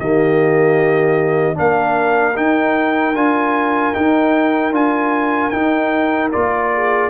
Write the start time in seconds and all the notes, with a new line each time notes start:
0.00 D#3 A#3 G4 D#5
1.55 A#3 D4 A#4 F5
2.36 D#4 G5
3.15 D4 F4 G#5
3.94 D#4 G5
4.72 D4 F4 G#5
5.50 D#4 G5
6.32 A#3 F4 D5
6.75 G#4